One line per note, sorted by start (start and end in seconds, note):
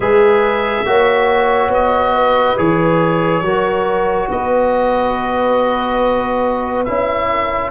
0.00 0.84 G#3
0.00 0.85 G#4
0.00 0.86 B4
0.00 1.71 E5
0.85 1.68 A#3
0.85 2.57 F#4
0.85 2.14 C#5
1.68 2.54 B3
1.68 2.57 D#5
2.14 3.43 B4
2.57 3.41 E3
2.57 3.43 G#4
2.57 4.29 C#5
3.41 4.27 F#3
3.41 6.86 F#4
3.41 4.29 A#4
4.29 6.87 B3
4.29 7.29 B4
4.29 6.84 D#5
6.84 7.71 C#4
6.84 7.71 E4
6.84 7.70 E5
7.29 7.71 A#4